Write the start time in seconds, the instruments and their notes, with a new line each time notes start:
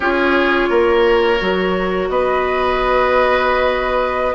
0.00 bassoon C#4, clarinet F4, oboe G#4, flute C#5
0.69 bassoon A#3, oboe A#4
1.39 bassoon F#3, clarinet F#4
2.09 bassoon B3, oboe B4, flute D#5